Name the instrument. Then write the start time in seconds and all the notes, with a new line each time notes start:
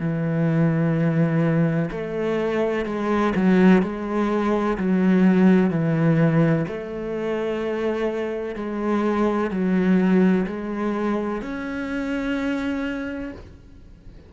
cello
0.00 E3
1.91 A3
2.86 G#3
3.36 F#3
3.83 G#3
4.78 F#3
5.71 E3
6.68 A3
8.55 G#3
9.51 F#3
10.47 G#3
11.42 C#4